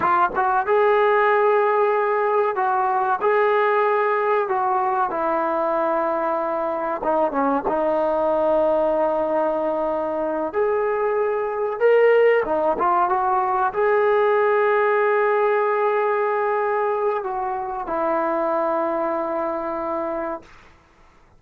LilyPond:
\new Staff \with { instrumentName = "trombone" } { \time 4/4 \tempo 4 = 94 f'8 fis'8 gis'2. | fis'4 gis'2 fis'4 | e'2. dis'8 cis'8 | dis'1~ |
dis'8 gis'2 ais'4 dis'8 | f'8 fis'4 gis'2~ gis'8~ | gis'2. fis'4 | e'1 | }